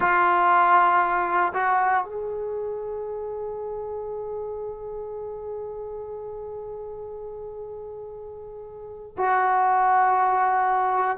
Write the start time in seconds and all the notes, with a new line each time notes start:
0.00 F4
1.53 F#4
2.04 G#4
9.17 F#4